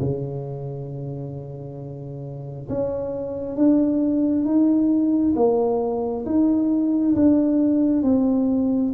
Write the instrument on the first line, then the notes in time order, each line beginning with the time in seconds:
tuba
0.00 C#3
2.69 C#4
3.55 D4
4.45 D#4
5.36 A#3
6.26 D#4
7.16 D4
8.03 C4